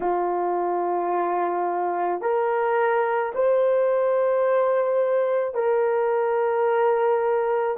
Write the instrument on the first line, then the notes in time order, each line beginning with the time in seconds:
horn
0.00 F4
2.21 A#4
3.34 C5
5.54 A#4